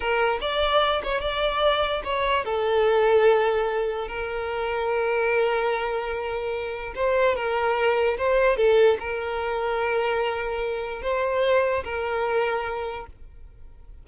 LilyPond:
\new Staff \with { instrumentName = "violin" } { \time 4/4 \tempo 4 = 147 ais'4 d''4. cis''8 d''4~ | d''4 cis''4 a'2~ | a'2 ais'2~ | ais'1~ |
ais'4 c''4 ais'2 | c''4 a'4 ais'2~ | ais'2. c''4~ | c''4 ais'2. | }